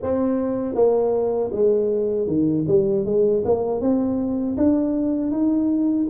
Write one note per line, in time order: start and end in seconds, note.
0.02 0.74 C4
0.74 1.50 A#3
1.52 2.27 G#3
2.27 2.65 D#3
2.67 3.05 G3
3.05 3.43 G#3
3.45 3.80 A#3
3.80 4.56 C4
4.57 5.31 D4
5.31 6.07 D#4